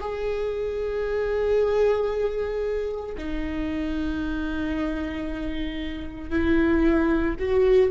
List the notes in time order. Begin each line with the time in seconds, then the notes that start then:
0.00 G#4
3.18 D#4
6.30 E4
7.40 F#4